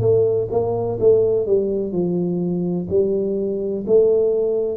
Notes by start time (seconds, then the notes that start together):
0.00 A3
0.51 A#3
1.00 A3
1.46 G3
1.92 F3
2.90 G3
3.86 A3